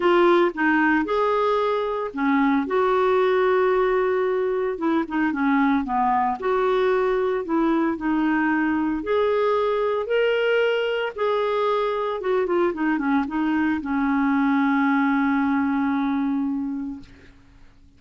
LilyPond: \new Staff \with { instrumentName = "clarinet" } { \time 4/4 \tempo 4 = 113 f'4 dis'4 gis'2 | cis'4 fis'2.~ | fis'4 e'8 dis'8 cis'4 b4 | fis'2 e'4 dis'4~ |
dis'4 gis'2 ais'4~ | ais'4 gis'2 fis'8 f'8 | dis'8 cis'8 dis'4 cis'2~ | cis'1 | }